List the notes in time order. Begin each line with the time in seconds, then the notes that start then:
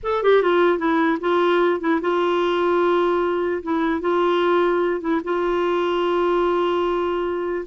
0.03 A4
0.23 G4
0.42 F4
0.78 E4
1.20 F4
1.80 E4
2.01 F4
3.62 E4
4.01 F4
5.00 E4
5.24 F4